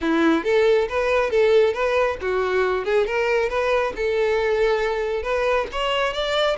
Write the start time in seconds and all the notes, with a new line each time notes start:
0.01 E4
0.44 A4
0.89 B4
1.30 A4
1.73 B4
2.21 F#4
2.84 G#4
3.06 A#4
3.49 B4
3.96 A4
5.22 B4
5.72 C#5
6.13 D5